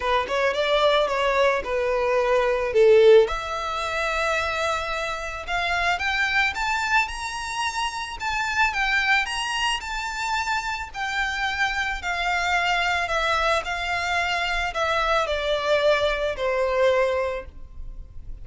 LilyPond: \new Staff \with { instrumentName = "violin" } { \time 4/4 \tempo 4 = 110 b'8 cis''8 d''4 cis''4 b'4~ | b'4 a'4 e''2~ | e''2 f''4 g''4 | a''4 ais''2 a''4 |
g''4 ais''4 a''2 | g''2 f''2 | e''4 f''2 e''4 | d''2 c''2 | }